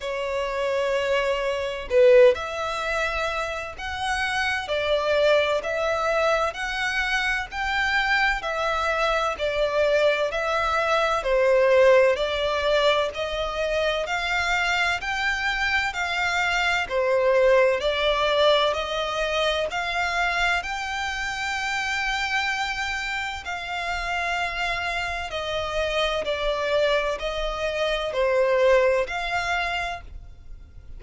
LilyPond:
\new Staff \with { instrumentName = "violin" } { \time 4/4 \tempo 4 = 64 cis''2 b'8 e''4. | fis''4 d''4 e''4 fis''4 | g''4 e''4 d''4 e''4 | c''4 d''4 dis''4 f''4 |
g''4 f''4 c''4 d''4 | dis''4 f''4 g''2~ | g''4 f''2 dis''4 | d''4 dis''4 c''4 f''4 | }